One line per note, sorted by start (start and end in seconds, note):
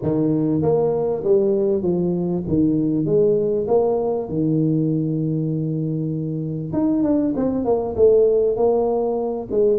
0.02 0.62 D#3
0.62 1.23 A#3
1.24 1.82 G3
1.82 2.43 F3
2.48 3.05 D#3
3.05 3.67 G#3
3.67 4.28 A#3
4.29 6.73 D#3
6.73 7.03 D#4
7.03 7.34 D4
7.36 7.64 C4
7.64 7.95 A#3
7.96 8.56 A3
8.56 9.48 A#3
9.51 9.79 G#3